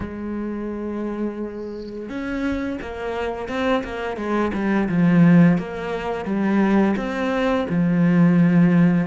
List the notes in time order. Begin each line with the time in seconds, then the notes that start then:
0.00 G#3
2.09 C#4
2.81 A#3
3.48 C4
3.84 A#3
4.16 G#3
4.53 G3
4.88 F3
5.58 A#3
6.25 G3
6.96 C4
7.69 F3